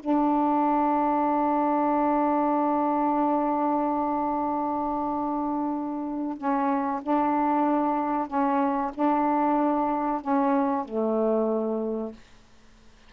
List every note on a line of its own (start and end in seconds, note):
0.00 6.37 D4
6.37 7.01 C#4
7.03 8.27 D4
8.27 8.92 C#4
8.94 10.22 D4
10.22 10.85 C#4
10.85 12.13 A3